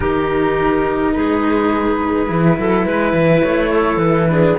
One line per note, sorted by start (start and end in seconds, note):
0.00 1.16 D#3
0.00 2.26 D#4
0.00 1.15 G4
0.00 1.13 A#4
1.13 2.29 G#3
1.13 2.58 G#4
1.13 3.42 B4
2.27 2.58 E3
2.27 4.27 E4
2.58 2.85 F#3
2.58 2.85 A4
2.85 3.13 G#3
2.85 3.71 B4
3.13 3.42 E3
3.42 3.96 A3
3.42 3.98 C#5
3.72 4.29 A4
3.96 4.53 E3
3.96 4.55 B4
4.30 4.58 D4
4.30 4.58 G#4